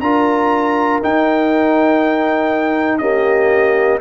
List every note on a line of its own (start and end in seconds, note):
0.00 1.00 D4
0.00 1.02 F4
0.00 3.00 A#4
0.00 1.00 A#5
1.02 3.01 D#4
1.02 2.99 D#4
1.02 2.98 G5
2.98 4.01 A#3
2.98 3.99 C#4
2.98 4.00 G4
2.98 3.98 D#5